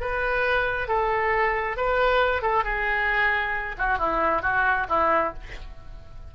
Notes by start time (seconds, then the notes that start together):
0.00 B4
0.88 A4
1.77 B4
2.42 A4
2.64 G#4
3.78 F#4
3.98 E4
4.42 F#4
4.88 E4